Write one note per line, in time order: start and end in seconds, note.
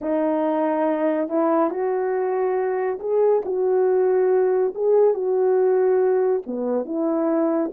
0.01 1.29 D#4
1.29 1.70 E4
1.70 2.98 F#4
2.99 3.42 G#4
3.45 4.73 F#4
4.75 5.14 G#4
5.14 6.42 F#4
6.46 6.85 B3
6.85 7.70 E4